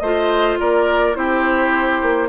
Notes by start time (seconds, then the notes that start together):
0.00 A3 F4 C5 D#5
0.60 A#3 A#4 D5
1.14 C4 E4 G4 C5
2.02 A#3